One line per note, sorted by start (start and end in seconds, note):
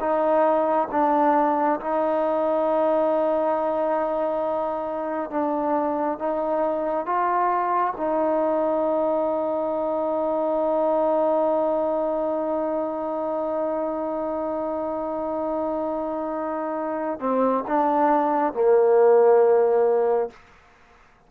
0.00 0.88 D#4
0.92 1.80 D4
1.80 5.30 D#4
5.30 6.18 D4
6.18 7.06 D#4
7.06 7.94 F4
7.97 17.20 D#4
17.20 17.64 C4
17.68 18.54 D4
18.54 20.30 A#3